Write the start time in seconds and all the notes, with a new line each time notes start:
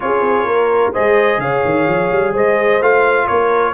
0.00 C#4 F4 G#4 C#5
0.21 C4
0.44 A#3 A#4
0.92 G#3 G#4 C5 D#5
1.38 C#3 C#5 F5
1.64 D#3
1.87 F3
2.11 G3
2.33 G#3 C5 D#5
2.80 A3 F4 F5
3.27 A#3 A#4 C#5